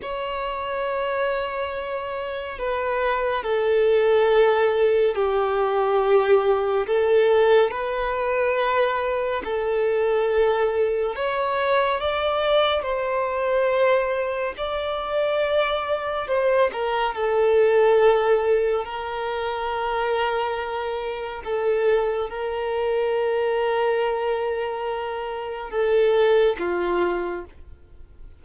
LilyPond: \new Staff \with { instrumentName = "violin" } { \time 4/4 \tempo 4 = 70 cis''2. b'4 | a'2 g'2 | a'4 b'2 a'4~ | a'4 cis''4 d''4 c''4~ |
c''4 d''2 c''8 ais'8 | a'2 ais'2~ | ais'4 a'4 ais'2~ | ais'2 a'4 f'4 | }